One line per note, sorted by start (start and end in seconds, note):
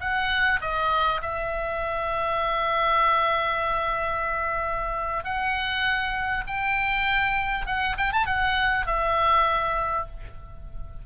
0.00 0.60 F#5
0.61 1.21 D#5
1.21 5.24 E5
5.24 6.44 F#5
6.47 7.66 G5
7.66 7.96 F#5
7.97 8.12 G5
8.12 8.26 A5
8.26 8.86 F#5
8.86 10.06 E5